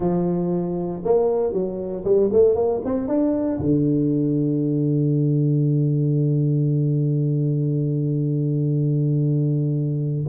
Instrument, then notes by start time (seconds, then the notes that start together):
tuba
0.00 F3
1.04 A#3
1.52 F#3
2.04 G3
2.32 A3
2.55 A#3
2.84 C4
3.07 D4
3.59 D3